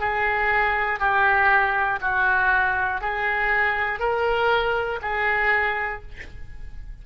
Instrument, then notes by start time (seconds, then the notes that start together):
oboe
0.00 G#4
1.00 G4
2.02 F#4
3.02 G#4
4.00 A#4
5.02 G#4